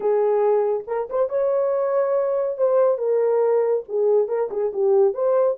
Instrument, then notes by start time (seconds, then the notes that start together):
horn
0.00 G#4
0.87 A#4
1.09 C5
1.29 C#5
2.57 C5
2.97 A#4
3.88 G#4
4.28 A#4
4.50 G#4
4.73 G4
5.14 C5